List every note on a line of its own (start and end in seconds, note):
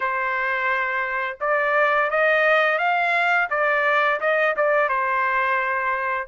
0.00 1.38 C5
1.40 2.10 D5
2.10 2.78 D#5
2.78 3.48 F5
3.50 4.20 D5
4.20 4.55 D#5
4.56 4.88 D5
4.88 6.27 C5